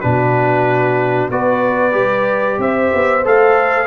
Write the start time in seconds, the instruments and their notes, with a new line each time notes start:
0.00 tuba B2, trombone D4, horn F#4, trumpet B4
1.29 tuba B3, trombone F#4, horn B4, trumpet D5
1.91 tuba G3, trombone G4
2.58 tuba C4, horn C5, trumpet E5
2.94 tuba B3
3.24 tuba A3, trombone A4, trumpet F5